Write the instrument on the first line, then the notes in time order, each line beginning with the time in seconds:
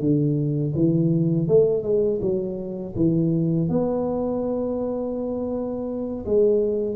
tuba
0.00 D3
0.75 E3
1.48 A3
1.83 G#3
2.22 F#3
2.96 E3
3.69 B3
6.26 G#3